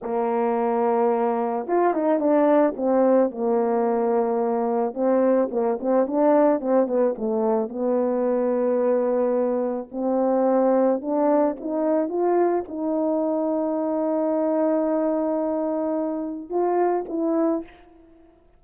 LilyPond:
\new Staff \with { instrumentName = "horn" } { \time 4/4 \tempo 4 = 109 ais2. f'8 dis'8 | d'4 c'4 ais2~ | ais4 c'4 ais8 c'8 d'4 | c'8 b8 a4 b2~ |
b2 c'2 | d'4 dis'4 f'4 dis'4~ | dis'1~ | dis'2 f'4 e'4 | }